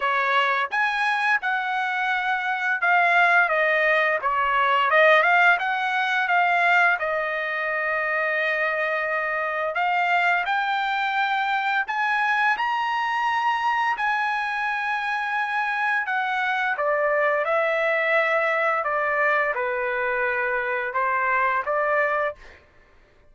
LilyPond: \new Staff \with { instrumentName = "trumpet" } { \time 4/4 \tempo 4 = 86 cis''4 gis''4 fis''2 | f''4 dis''4 cis''4 dis''8 f''8 | fis''4 f''4 dis''2~ | dis''2 f''4 g''4~ |
g''4 gis''4 ais''2 | gis''2. fis''4 | d''4 e''2 d''4 | b'2 c''4 d''4 | }